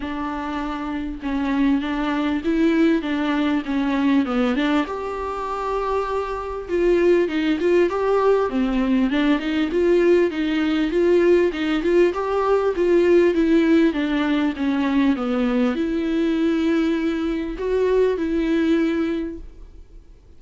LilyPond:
\new Staff \with { instrumentName = "viola" } { \time 4/4 \tempo 4 = 99 d'2 cis'4 d'4 | e'4 d'4 cis'4 b8 d'8 | g'2. f'4 | dis'8 f'8 g'4 c'4 d'8 dis'8 |
f'4 dis'4 f'4 dis'8 f'8 | g'4 f'4 e'4 d'4 | cis'4 b4 e'2~ | e'4 fis'4 e'2 | }